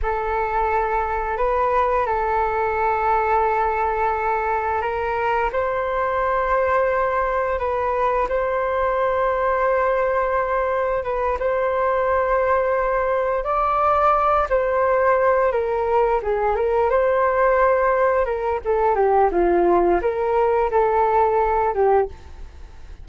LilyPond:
\new Staff \with { instrumentName = "flute" } { \time 4/4 \tempo 4 = 87 a'2 b'4 a'4~ | a'2. ais'4 | c''2. b'4 | c''1 |
b'8 c''2. d''8~ | d''4 c''4. ais'4 gis'8 | ais'8 c''2 ais'8 a'8 g'8 | f'4 ais'4 a'4. g'8 | }